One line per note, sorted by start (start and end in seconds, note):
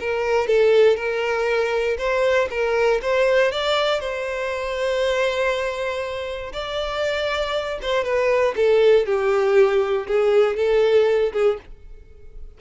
0.00 0.47 A#4
0.47 0.96 A4
0.96 1.97 A#4
1.98 2.48 C5
2.50 3.01 A#4
3.02 3.52 C5
3.52 4.00 D5
4.00 6.52 C5
6.53 7.79 D5
7.82 8.04 C5
8.04 8.54 B4
8.56 9.06 A4
9.06 10.07 G4
10.07 10.57 G#4
10.57 11.32 A4
11.33 11.58 G#4